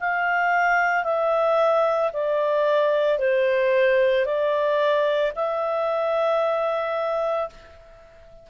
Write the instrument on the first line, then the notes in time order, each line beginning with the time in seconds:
clarinet
0.00 F5
1.04 E5
2.13 D5
3.18 C5
4.25 D5
5.35 E5